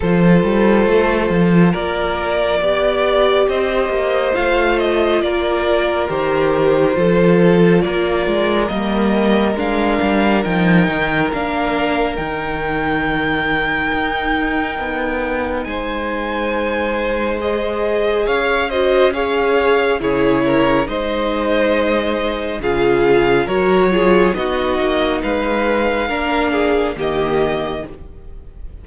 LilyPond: <<
  \new Staff \with { instrumentName = "violin" } { \time 4/4 \tempo 4 = 69 c''2 d''2 | dis''4 f''8 dis''8 d''4 c''4~ | c''4 d''4 dis''4 f''4 | g''4 f''4 g''2~ |
g''2 gis''2 | dis''4 f''8 dis''8 f''4 cis''4 | dis''2 f''4 cis''4 | dis''4 f''2 dis''4 | }
  \new Staff \with { instrumentName = "violin" } { \time 4/4 a'2 ais'4 d''4 | c''2 ais'2 | a'4 ais'2.~ | ais'1~ |
ais'2 c''2~ | c''4 cis''8 c''8 cis''4 gis'8 ais'8 | c''2 gis'4 ais'8 gis'8 | fis'4 b'4 ais'8 gis'8 g'4 | }
  \new Staff \with { instrumentName = "viola" } { \time 4/4 f'2. g'4~ | g'4 f'2 g'4 | f'2 ais4 d'4 | dis'4 d'4 dis'2~ |
dis'1 | gis'4. fis'8 gis'4 e'4 | dis'2 f'4 fis'8 f'8 | dis'2 d'4 ais4 | }
  \new Staff \with { instrumentName = "cello" } { \time 4/4 f8 g8 a8 f8 ais4 b4 | c'8 ais8 a4 ais4 dis4 | f4 ais8 gis8 g4 gis8 g8 | f8 dis8 ais4 dis2 |
dis'4 b4 gis2~ | gis4 cis'2 cis4 | gis2 cis4 fis4 | b8 ais8 gis4 ais4 dis4 | }
>>